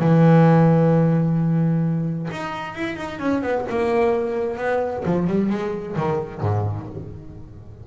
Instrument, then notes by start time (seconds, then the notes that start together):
double bass
0.00 E3
2.32 D#4
2.75 E4
2.97 D#4
3.20 C#4
3.43 B3
3.70 A#3
4.58 B3
5.05 F3
5.28 G3
5.50 G#3
5.96 D#3
6.41 G#2